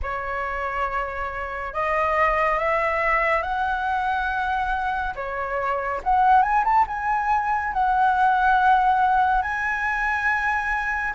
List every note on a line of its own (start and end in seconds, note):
0.02 1.73 C#5
1.73 2.59 D#5
2.59 3.42 E5
3.42 5.14 F#5
5.15 6.01 C#5
6.03 6.42 F#5
6.42 6.64 G#5
6.64 6.85 A5
6.87 7.73 G#5
7.73 9.42 F#5
9.42 11.13 G#5